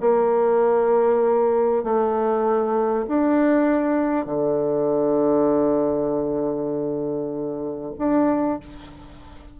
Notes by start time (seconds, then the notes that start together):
0.00 A#3
1.83 A3
3.08 D4
4.25 D3
7.98 D4